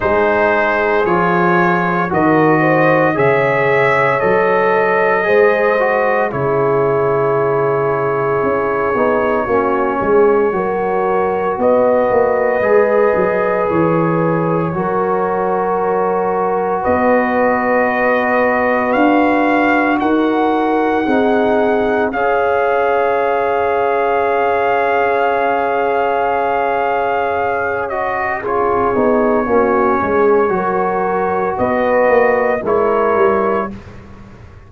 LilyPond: <<
  \new Staff \with { instrumentName = "trumpet" } { \time 4/4 \tempo 4 = 57 c''4 cis''4 dis''4 e''4 | dis''2 cis''2~ | cis''2. dis''4~ | dis''4 cis''2. |
dis''2 f''4 fis''4~ | fis''4 f''2.~ | f''2~ f''8 dis''8 cis''4~ | cis''2 dis''4 cis''4 | }
  \new Staff \with { instrumentName = "horn" } { \time 4/4 gis'2 ais'8 c''8 cis''4~ | cis''4 c''4 gis'2~ | gis'4 fis'8 gis'8 ais'4 b'4~ | b'2 ais'2 |
b'2. ais'4 | gis'4 cis''2.~ | cis''2. gis'4 | fis'8 gis'8 ais'4 b'4 ais'4 | }
  \new Staff \with { instrumentName = "trombone" } { \time 4/4 dis'4 f'4 fis'4 gis'4 | a'4 gis'8 fis'8 e'2~ | e'8 dis'8 cis'4 fis'2 | gis'2 fis'2~ |
fis'1 | dis'4 gis'2.~ | gis'2~ gis'8 fis'8 f'8 dis'8 | cis'4 fis'2 e'4 | }
  \new Staff \with { instrumentName = "tuba" } { \time 4/4 gis4 f4 dis4 cis4 | fis4 gis4 cis2 | cis'8 b8 ais8 gis8 fis4 b8 ais8 | gis8 fis8 e4 fis2 |
b2 d'4 dis'4 | c'4 cis'2.~ | cis'2.~ cis'8 b8 | ais8 gis8 fis4 b8 ais8 gis8 g8 | }
>>